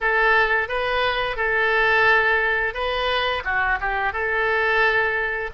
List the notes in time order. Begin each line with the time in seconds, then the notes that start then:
0.00 A4
0.68 B4
1.36 A4
2.74 B4
3.44 F#4
3.80 G4
4.12 A4